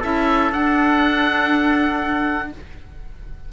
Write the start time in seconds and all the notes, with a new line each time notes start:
0.00 C#4 E4 A4 E5
0.52 D4 F#5